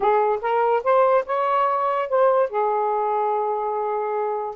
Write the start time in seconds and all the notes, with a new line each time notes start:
0.00 G#4
0.41 A#4
0.83 C5
1.25 C#5
2.08 C5
2.49 G#4